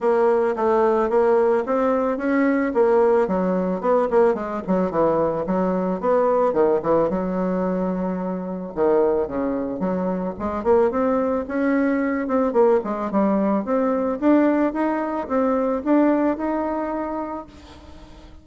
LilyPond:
\new Staff \with { instrumentName = "bassoon" } { \time 4/4 \tempo 4 = 110 ais4 a4 ais4 c'4 | cis'4 ais4 fis4 b8 ais8 | gis8 fis8 e4 fis4 b4 | dis8 e8 fis2. |
dis4 cis4 fis4 gis8 ais8 | c'4 cis'4. c'8 ais8 gis8 | g4 c'4 d'4 dis'4 | c'4 d'4 dis'2 | }